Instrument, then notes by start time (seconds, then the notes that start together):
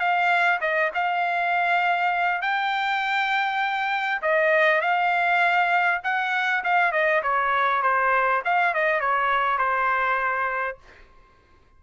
trumpet
0.00 F5
0.61 D#5
0.95 F5
2.42 G5
4.22 D#5
4.81 F5
6.04 F#5
6.64 F5
6.92 D#5
7.23 C#5
7.83 C5
8.45 F5
8.74 D#5
9.01 C#5
9.58 C5